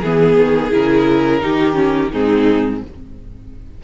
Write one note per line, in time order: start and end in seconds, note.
0.00 0.37 E3
0.00 0.71 B3
0.00 1.40 G#4
0.00 0.73 G#4
0.37 0.72 D#3
0.71 1.42 C#3
0.71 1.41 E4
0.71 2.12 A#4
1.41 2.12 D#3
1.41 1.74 D#4
1.41 2.12 G4
1.74 2.08 C#4
2.12 2.83 G#2
2.12 2.83 C4
2.12 2.82 D#4
2.12 2.82 G#4